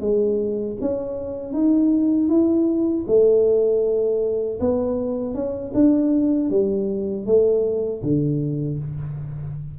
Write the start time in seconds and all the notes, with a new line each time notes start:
0.00 G#3
0.80 C#4
1.53 D#4
2.29 E4
3.07 A3
4.60 B3
5.34 C#4
5.74 D4
6.50 G3
7.26 A3
8.03 D3